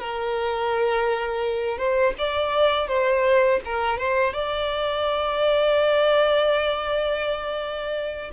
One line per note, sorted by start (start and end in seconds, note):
0.00 1.78 A#4
1.78 2.14 C5
2.19 2.88 D5
2.88 3.60 C5
3.65 3.98 A#4
3.98 4.33 C5
4.33 8.31 D5